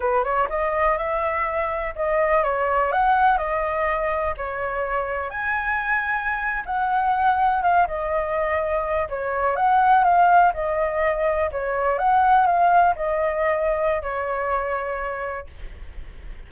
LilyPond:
\new Staff \with { instrumentName = "flute" } { \time 4/4 \tempo 4 = 124 b'8 cis''8 dis''4 e''2 | dis''4 cis''4 fis''4 dis''4~ | dis''4 cis''2 gis''4~ | gis''4.~ gis''16 fis''2 f''16~ |
f''16 dis''2~ dis''8 cis''4 fis''16~ | fis''8. f''4 dis''2 cis''16~ | cis''8. fis''4 f''4 dis''4~ dis''16~ | dis''4 cis''2. | }